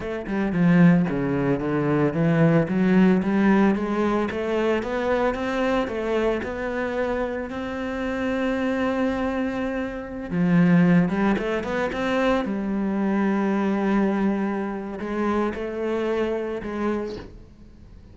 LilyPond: \new Staff \with { instrumentName = "cello" } { \time 4/4 \tempo 4 = 112 a8 g8 f4 cis4 d4 | e4 fis4 g4 gis4 | a4 b4 c'4 a4 | b2 c'2~ |
c'2.~ c'16 f8.~ | f8. g8 a8 b8 c'4 g8.~ | g1 | gis4 a2 gis4 | }